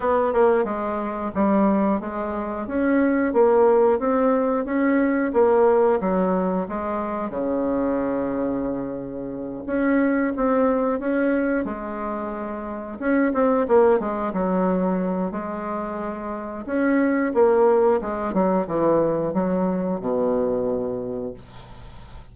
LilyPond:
\new Staff \with { instrumentName = "bassoon" } { \time 4/4 \tempo 4 = 90 b8 ais8 gis4 g4 gis4 | cis'4 ais4 c'4 cis'4 | ais4 fis4 gis4 cis4~ | cis2~ cis8 cis'4 c'8~ |
c'8 cis'4 gis2 cis'8 | c'8 ais8 gis8 fis4. gis4~ | gis4 cis'4 ais4 gis8 fis8 | e4 fis4 b,2 | }